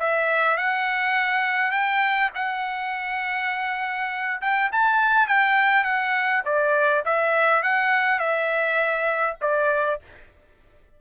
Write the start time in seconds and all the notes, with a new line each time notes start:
0.00 E5
0.57 F#5
1.71 G5
2.35 F#5
4.41 G5
4.72 A5
5.28 G5
5.84 F#5
6.45 D5
7.05 E5
7.63 F#5
8.20 E5
9.42 D5